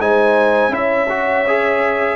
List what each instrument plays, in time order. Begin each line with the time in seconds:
0.00 tuba G#3, trombone D#4, horn C5, trumpet G#5
0.69 tuba C#4, trombone E4, horn C#5, trumpet E5
1.09 trombone F#4
1.48 trombone G#4